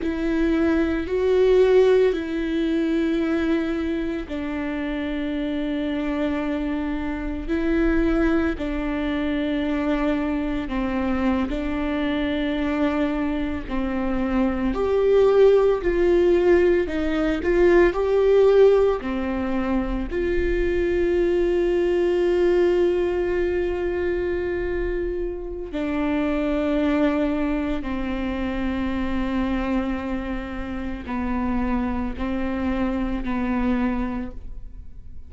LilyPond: \new Staff \with { instrumentName = "viola" } { \time 4/4 \tempo 4 = 56 e'4 fis'4 e'2 | d'2. e'4 | d'2 c'8. d'4~ d'16~ | d'8. c'4 g'4 f'4 dis'16~ |
dis'16 f'8 g'4 c'4 f'4~ f'16~ | f'1 | d'2 c'2~ | c'4 b4 c'4 b4 | }